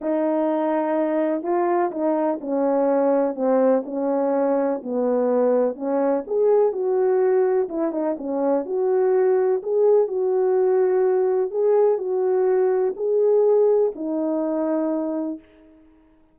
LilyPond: \new Staff \with { instrumentName = "horn" } { \time 4/4 \tempo 4 = 125 dis'2. f'4 | dis'4 cis'2 c'4 | cis'2 b2 | cis'4 gis'4 fis'2 |
e'8 dis'8 cis'4 fis'2 | gis'4 fis'2. | gis'4 fis'2 gis'4~ | gis'4 dis'2. | }